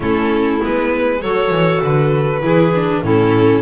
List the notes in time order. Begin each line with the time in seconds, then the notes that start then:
0.00 A3 C#4 E4 A4
0.60 G#3 B3 B4
1.21 F#3 F#4 A4 C#5
1.50 E3
1.82 D3 B4
2.42 E3 E4 G#4
2.74 D4
3.02 A2 C#4 E4 A4